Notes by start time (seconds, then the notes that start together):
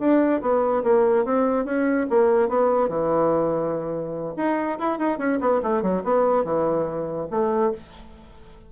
0.00 D4
0.42 B3
0.84 A#3
1.26 C4
1.65 C#4
2.10 A#3
2.49 B3
2.89 E3
4.37 D#4
4.79 E4
4.99 D#4
5.19 C#4
5.41 B3
5.63 A3
5.83 F#3
6.04 B3
6.45 E3
7.31 A3